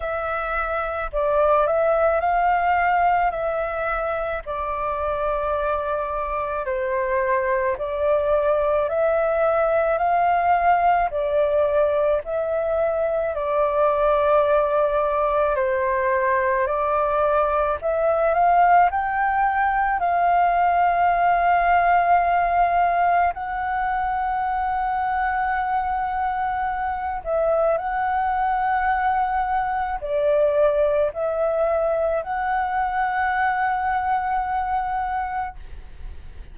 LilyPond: \new Staff \with { instrumentName = "flute" } { \time 4/4 \tempo 4 = 54 e''4 d''8 e''8 f''4 e''4 | d''2 c''4 d''4 | e''4 f''4 d''4 e''4 | d''2 c''4 d''4 |
e''8 f''8 g''4 f''2~ | f''4 fis''2.~ | fis''8 e''8 fis''2 d''4 | e''4 fis''2. | }